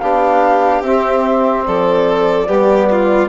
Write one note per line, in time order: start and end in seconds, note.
0.00 0.81 B3
0.00 0.84 D4
0.00 1.66 G4
0.00 0.82 F5
0.81 1.63 C4
0.81 2.47 C4
0.81 1.65 E5
1.66 2.49 F3
1.66 2.48 A4
1.66 3.29 D5
2.47 3.29 G3
2.47 3.29 B3
2.47 2.89 G4
2.92 3.29 F4